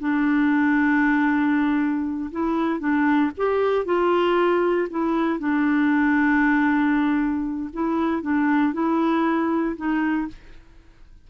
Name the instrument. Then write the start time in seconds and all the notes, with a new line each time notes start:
clarinet
0.00 D4
2.32 E4
2.80 D4
3.38 G4
3.86 F4
4.91 E4
5.40 D4
7.74 E4
8.23 D4
8.74 E4
9.77 D#4